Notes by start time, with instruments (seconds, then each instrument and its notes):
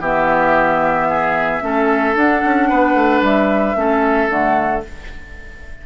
0.00 bassoon E3, clarinet B3, oboe G4, flute E5
1.09 oboe G#4
1.61 bassoon A3, clarinet C#4, oboe A4
2.15 bassoon D4, clarinet D4, flute F#5
2.45 bassoon C#4
2.69 bassoon B3, oboe B4
2.94 bassoon A3
3.21 bassoon G3, flute E5
3.75 bassoon A3, clarinet C#4, oboe A4
4.29 bassoon D3, clarinet A3, flute F#5